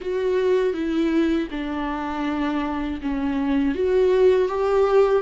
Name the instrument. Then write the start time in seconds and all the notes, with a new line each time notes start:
viola
0.00 F#4
0.73 E4
1.50 D4
3.01 C#4
3.74 F#4
4.48 G4